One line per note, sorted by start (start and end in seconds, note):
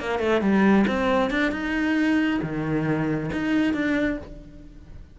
0.00 0.19 A#3
0.19 0.41 A3
0.41 0.85 G3
0.87 1.30 C4
1.30 1.52 D4
1.52 2.40 D#4
2.42 3.30 D#3
3.32 3.74 D#4
3.74 4.18 D4